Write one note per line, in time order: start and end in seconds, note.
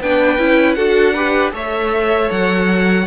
0.00 0.38 B3
0.00 0.38 D4
0.00 0.76 B4
0.00 0.74 G5
0.38 0.76 C#4
0.38 0.76 E4
0.74 1.52 D4
0.74 1.15 F#4
0.74 1.14 A4
0.74 1.51 F#5
1.14 1.52 G4
1.14 1.52 B4
1.52 2.29 A3
1.52 3.06 A4
1.52 3.07 C#5
1.52 2.31 E5
2.31 3.07 F#3
2.31 3.07 F#5